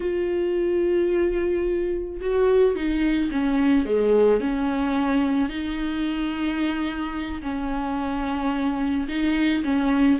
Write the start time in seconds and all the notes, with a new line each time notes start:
0.00 F4
2.20 F#4
2.75 D#4
3.31 C#4
3.85 G#3
4.40 C#4
5.49 D#4
7.42 C#4
9.08 D#4
9.64 C#4